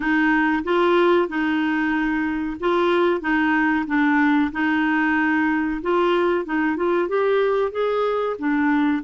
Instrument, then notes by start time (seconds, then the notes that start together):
clarinet
0.00 D#4
0.64 F4
1.28 D#4
2.60 F4
3.21 D#4
3.87 D4
4.52 D#4
5.82 F4
6.45 D#4
6.76 F4
7.08 G4
7.71 G#4
8.38 D4